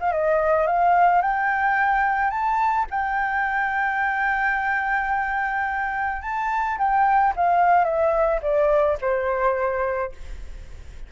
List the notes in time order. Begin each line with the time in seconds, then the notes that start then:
0.00 F5
0.12 D#5
0.67 F5
1.21 G5
2.30 A5
2.90 G5
6.22 A5
6.78 G5
7.36 F5
7.84 E5
8.42 D5
9.01 C5